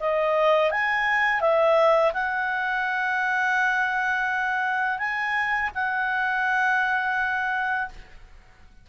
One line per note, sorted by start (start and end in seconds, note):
0.00 0.71 D#5
0.71 1.41 G#5
1.41 2.12 E5
2.14 4.99 F#5
4.99 5.70 G#5
5.75 7.89 F#5